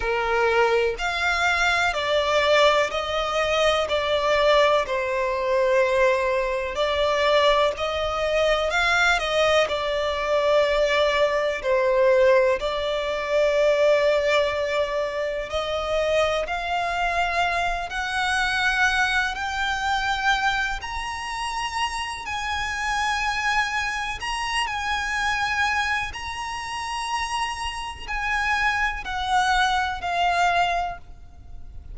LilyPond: \new Staff \with { instrumentName = "violin" } { \time 4/4 \tempo 4 = 62 ais'4 f''4 d''4 dis''4 | d''4 c''2 d''4 | dis''4 f''8 dis''8 d''2 | c''4 d''2. |
dis''4 f''4. fis''4. | g''4. ais''4. gis''4~ | gis''4 ais''8 gis''4. ais''4~ | ais''4 gis''4 fis''4 f''4 | }